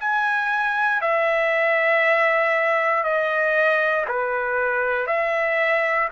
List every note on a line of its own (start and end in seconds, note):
0.00 1.01 G#5
1.01 3.04 E5
3.04 4.05 D#5
4.09 5.07 B4
5.07 6.09 E5